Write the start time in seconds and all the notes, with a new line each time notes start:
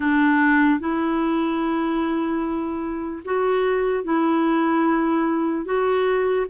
0.00 D4
0.79 E4
3.24 F#4
4.04 E4
5.65 F#4